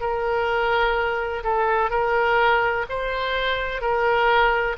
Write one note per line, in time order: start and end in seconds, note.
0.00 1.43 A#4
1.43 1.90 A4
1.90 2.85 A#4
2.89 3.81 C5
3.81 4.76 A#4